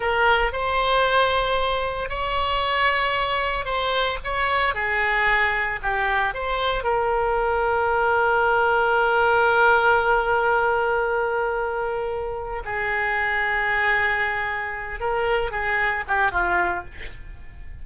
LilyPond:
\new Staff \with { instrumentName = "oboe" } { \time 4/4 \tempo 4 = 114 ais'4 c''2. | cis''2. c''4 | cis''4 gis'2 g'4 | c''4 ais'2.~ |
ais'1~ | ais'1 | gis'1~ | gis'8 ais'4 gis'4 g'8 f'4 | }